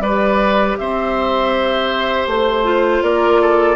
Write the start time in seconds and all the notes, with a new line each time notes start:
0.00 G3 G4 B4 D5
0.78 C4 C5 E5
2.27 A3 C5
2.65 F4
3.03 A#3 A#4 D5
3.42 A4